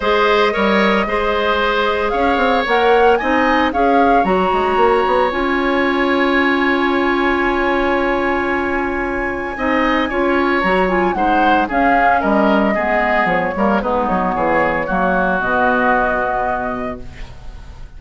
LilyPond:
<<
  \new Staff \with { instrumentName = "flute" } { \time 4/4 \tempo 4 = 113 dis''1 | f''4 fis''4 gis''4 f''4 | ais''2 gis''2~ | gis''1~ |
gis''1 | ais''8 gis''8 fis''4 f''4 dis''4~ | dis''4 cis''4 b'8 cis''4.~ | cis''4 dis''2. | }
  \new Staff \with { instrumentName = "oboe" } { \time 4/4 c''4 cis''4 c''2 | cis''2 dis''4 cis''4~ | cis''1~ | cis''1~ |
cis''2 dis''4 cis''4~ | cis''4 c''4 gis'4 ais'4 | gis'4. ais'8 dis'4 gis'4 | fis'1 | }
  \new Staff \with { instrumentName = "clarinet" } { \time 4/4 gis'4 ais'4 gis'2~ | gis'4 ais'4 dis'4 gis'4 | fis'2 f'2~ | f'1~ |
f'2 dis'4 f'4 | fis'8 f'8 dis'4 cis'2 | b4. ais8 b2 | ais4 b2. | }
  \new Staff \with { instrumentName = "bassoon" } { \time 4/4 gis4 g4 gis2 | cis'8 c'8 ais4 c'4 cis'4 | fis8 gis8 ais8 b8 cis'2~ | cis'1~ |
cis'2 c'4 cis'4 | fis4 gis4 cis'4 g4 | gis4 f8 g8 gis8 fis8 e4 | fis4 b,2. | }
>>